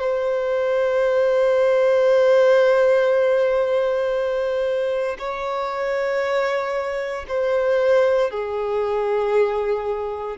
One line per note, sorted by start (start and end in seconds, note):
0.00 5.17 C5
5.18 7.25 C#5
7.28 8.30 C5
8.30 10.37 G#4